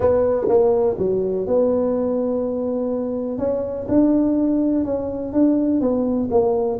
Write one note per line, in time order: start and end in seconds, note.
0.00 0.47 B3
0.48 0.97 A#3
0.98 1.46 F#3
1.46 3.38 B3
3.38 3.86 C#4
3.88 4.84 D4
4.84 5.32 C#4
5.32 5.81 D4
5.81 6.29 B3
6.30 6.79 A#3